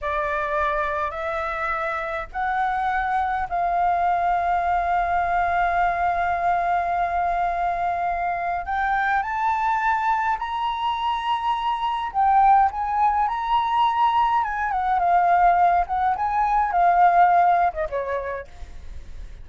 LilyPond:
\new Staff \with { instrumentName = "flute" } { \time 4/4 \tempo 4 = 104 d''2 e''2 | fis''2 f''2~ | f''1~ | f''2. g''4 |
a''2 ais''2~ | ais''4 g''4 gis''4 ais''4~ | ais''4 gis''8 fis''8 f''4. fis''8 | gis''4 f''4.~ f''16 dis''16 cis''4 | }